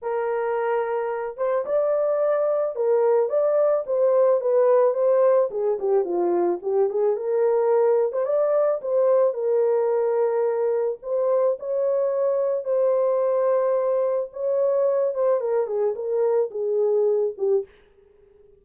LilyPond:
\new Staff \with { instrumentName = "horn" } { \time 4/4 \tempo 4 = 109 ais'2~ ais'8 c''8 d''4~ | d''4 ais'4 d''4 c''4 | b'4 c''4 gis'8 g'8 f'4 | g'8 gis'8 ais'4.~ ais'16 c''16 d''4 |
c''4 ais'2. | c''4 cis''2 c''4~ | c''2 cis''4. c''8 | ais'8 gis'8 ais'4 gis'4. g'8 | }